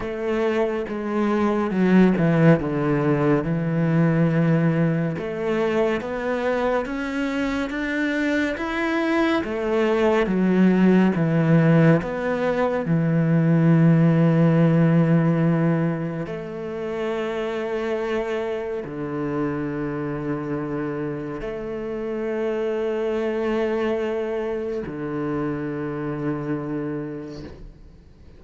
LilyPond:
\new Staff \with { instrumentName = "cello" } { \time 4/4 \tempo 4 = 70 a4 gis4 fis8 e8 d4 | e2 a4 b4 | cis'4 d'4 e'4 a4 | fis4 e4 b4 e4~ |
e2. a4~ | a2 d2~ | d4 a2.~ | a4 d2. | }